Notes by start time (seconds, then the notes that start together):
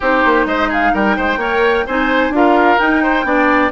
0.00 C4 D#4 G4 C5
0.24 A#3
0.45 G#3 C5 D#5
0.69 G#4 F5
0.94 G3 A#4 G5
1.16 G#3 C5
1.36 A#3 A#4 C#5
1.86 C4 D#4 C5 G#5
2.30 D4 F4 A#4 F5
2.78 D#4 G5
3.02 C5
3.24 B3 D4 D5